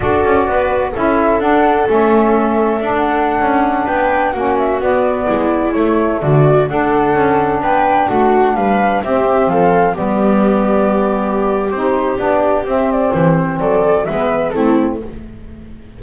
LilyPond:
<<
  \new Staff \with { instrumentName = "flute" } { \time 4/4 \tempo 4 = 128 d''2 e''4 fis''4 | e''2~ e''16 fis''4.~ fis''16~ | fis''16 g''4 fis''8 e''8 d''4.~ d''16~ | d''16 cis''4 d''4 fis''4.~ fis''16~ |
fis''16 g''4 fis''4 f''4 e''8.~ | e''16 f''4 d''2~ d''8.~ | d''4 c''4 d''4 e''8 d''8 | c''4 d''4 e''4 a'4 | }
  \new Staff \with { instrumentName = "viola" } { \time 4/4 a'4 b'4 a'2~ | a'1~ | a'16 b'4 fis'2 e'8.~ | e'4~ e'16 fis'4 a'4.~ a'16~ |
a'16 b'4 fis'4 b'4 g'8.~ | g'16 a'4 g'2~ g'8.~ | g'1~ | g'4 a'4 b'4 e'4 | }
  \new Staff \with { instrumentName = "saxophone" } { \time 4/4 fis'2 e'4 d'4 | cis'2 d'2~ | d'4~ d'16 cis'4 b4.~ b16~ | b16 a2 d'4.~ d'16~ |
d'2.~ d'16 c'8.~ | c'4~ c'16 b2~ b8.~ | b4 dis'4 d'4 c'4~ | c'2 b4 c'4 | }
  \new Staff \with { instrumentName = "double bass" } { \time 4/4 d'8 cis'8 b4 cis'4 d'4 | a2 d'4~ d'16 cis'8.~ | cis'16 b4 ais4 b4 gis8.~ | gis16 a4 d4 d'4 cis'8.~ |
cis'16 b4 a4 g4 c'8.~ | c'16 f4 g2~ g8.~ | g4 c'4 b4 c'4 | e4 fis4 gis4 a4 | }
>>